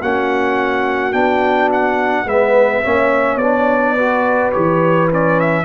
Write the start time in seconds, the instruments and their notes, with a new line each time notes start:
0.00 tuba A#3, trombone C#4, horn F#4, trumpet F#5
1.12 tuba B3, trombone D4, trumpet G5
1.72 trumpet F#5
2.25 tuba G#3, trombone B3, horn B4, trumpet E5
2.83 tuba A#3, trombone C#4, horn C#5
3.36 tuba B3, trombone D4, trumpet D5
3.95 trombone F#4, horn B4
4.52 tuba E3, trombone G4, trumpet C#5
5.11 trombone C#4, trumpet D5
5.40 trumpet E5